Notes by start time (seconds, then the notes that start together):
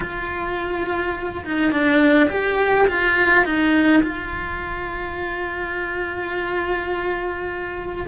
0.00 F4
1.44 D#4
1.71 D4
2.29 G4
2.87 F4
3.44 D#4
4.02 F4